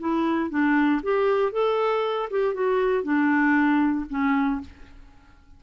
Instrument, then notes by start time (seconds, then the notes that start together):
clarinet
0.00 E4
0.50 D4
1.03 G4
1.52 A4
2.31 G4
2.55 F#4
3.03 D4
4.10 C#4